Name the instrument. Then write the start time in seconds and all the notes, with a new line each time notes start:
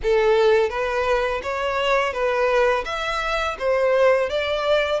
violin
0.03 A4
0.69 B4
1.43 C#5
2.13 B4
2.85 E5
3.58 C5
4.29 D5